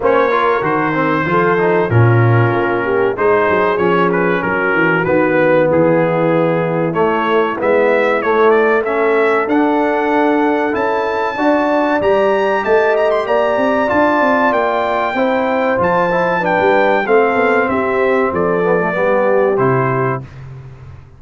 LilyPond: <<
  \new Staff \with { instrumentName = "trumpet" } { \time 4/4 \tempo 4 = 95 cis''4 c''2 ais'4~ | ais'4 c''4 cis''8 b'8 ais'4 | b'4 gis'2 cis''4 | e''4 cis''8 d''8 e''4 fis''4~ |
fis''4 a''2 ais''4 | a''8 ais''16 c'''16 ais''4 a''4 g''4~ | g''4 a''4 g''4 f''4 | e''4 d''2 c''4 | }
  \new Staff \with { instrumentName = "horn" } { \time 4/4 c''8 ais'4. a'4 f'4~ | f'8 g'8 gis'2 fis'4~ | fis'4 e'2.~ | e'2 a'2~ |
a'2 d''2 | dis''4 d''2. | c''2 b'4 a'4 | g'4 a'4 g'2 | }
  \new Staff \with { instrumentName = "trombone" } { \time 4/4 cis'8 f'8 fis'8 c'8 f'8 dis'8 cis'4~ | cis'4 dis'4 cis'2 | b2. a4 | b4 a4 cis'4 d'4~ |
d'4 e'4 fis'4 g'4~ | g'2 f'2 | e'4 f'8 e'8 d'4 c'4~ | c'4. b16 a16 b4 e'4 | }
  \new Staff \with { instrumentName = "tuba" } { \time 4/4 ais4 dis4 f4 ais,4 | ais4 gis8 fis8 f4 fis8 e8 | dis4 e2 a4 | gis4 a2 d'4~ |
d'4 cis'4 d'4 g4 | a4 ais8 c'8 d'8 c'8 ais4 | c'4 f4~ f16 g8. a8 b8 | c'4 f4 g4 c4 | }
>>